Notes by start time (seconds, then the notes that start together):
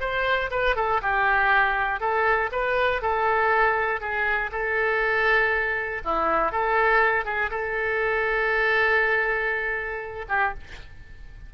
0.00 C5
0.51 B4
0.76 A4
1.02 G4
2.00 A4
2.52 B4
3.02 A4
4.01 G#4
4.52 A4
6.05 E4
6.52 A4
7.25 G#4
7.50 A4
10.29 G4